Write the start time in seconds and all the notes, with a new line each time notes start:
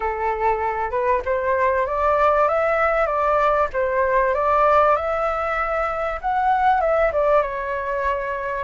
0.00 A4
0.90 B4
1.25 C5
1.86 D5
2.48 E5
3.06 D5
3.73 C5
4.34 D5
4.96 E5
6.21 F#5
6.80 E5
7.12 D5
7.42 C#5